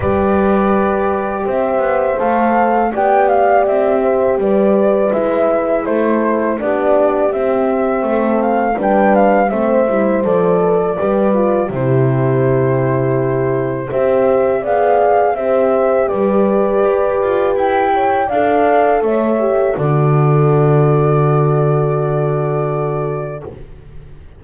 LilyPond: <<
  \new Staff \with { instrumentName = "flute" } { \time 4/4 \tempo 4 = 82 d''2 e''4 f''4 | g''8 f''8 e''4 d''4 e''4 | c''4 d''4 e''4. f''8 | g''8 f''8 e''4 d''2 |
c''2. e''4 | f''4 e''4 d''2 | g''4 f''4 e''4 d''4~ | d''1 | }
  \new Staff \with { instrumentName = "horn" } { \time 4/4 b'2 c''2 | d''4. c''8 b'2 | a'4 g'2 a'4 | b'4 c''4. b'16 a'16 b'4 |
g'2. c''4 | d''4 c''4 b'2~ | b'8 cis''8 d''4 cis''4 a'4~ | a'1 | }
  \new Staff \with { instrumentName = "horn" } { \time 4/4 g'2. a'4 | g'2. e'4~ | e'4 d'4 c'2 | d'4 c'8 e'8 a'4 g'8 f'8 |
e'2. g'4 | gis'4 g'2.~ | g'4 a'4. g'8 fis'4~ | fis'1 | }
  \new Staff \with { instrumentName = "double bass" } { \time 4/4 g2 c'8 b8 a4 | b4 c'4 g4 gis4 | a4 b4 c'4 a4 | g4 a8 g8 f4 g4 |
c2. c'4 | b4 c'4 g4 g'8 f'8 | e'4 d'4 a4 d4~ | d1 | }
>>